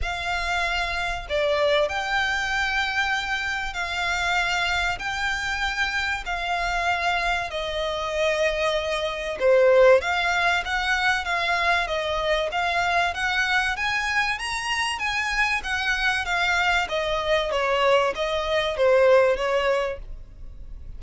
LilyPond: \new Staff \with { instrumentName = "violin" } { \time 4/4 \tempo 4 = 96 f''2 d''4 g''4~ | g''2 f''2 | g''2 f''2 | dis''2. c''4 |
f''4 fis''4 f''4 dis''4 | f''4 fis''4 gis''4 ais''4 | gis''4 fis''4 f''4 dis''4 | cis''4 dis''4 c''4 cis''4 | }